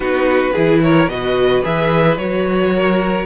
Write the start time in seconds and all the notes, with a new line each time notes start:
0.00 B3 D#4 F#4 B4
0.52 E3 E4 G#4
0.82 A#4 C#5
1.07 B2 F#4 B4 D#5
1.63 E3 G#4 E5
2.17 F#3 F#4 C#5
2.75 A#4